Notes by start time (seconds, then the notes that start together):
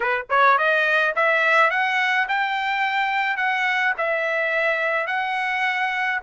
0.00 B4
0.29 C#5
0.58 D#5
1.15 E5
1.70 F#5
2.28 G5
3.37 F#5
3.97 E5
5.06 F#5